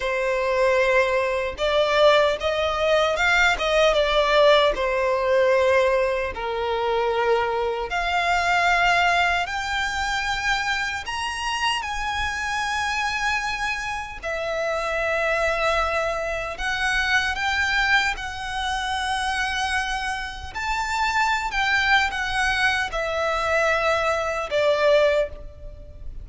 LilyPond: \new Staff \with { instrumentName = "violin" } { \time 4/4 \tempo 4 = 76 c''2 d''4 dis''4 | f''8 dis''8 d''4 c''2 | ais'2 f''2 | g''2 ais''4 gis''4~ |
gis''2 e''2~ | e''4 fis''4 g''4 fis''4~ | fis''2 a''4~ a''16 g''8. | fis''4 e''2 d''4 | }